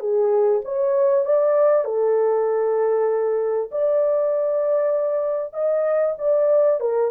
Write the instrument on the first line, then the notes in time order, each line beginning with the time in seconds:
horn
0.00 G#4
0.65 C#5
1.26 D5
1.85 A4
3.72 D5
5.54 D#5
6.19 D5
6.80 A#4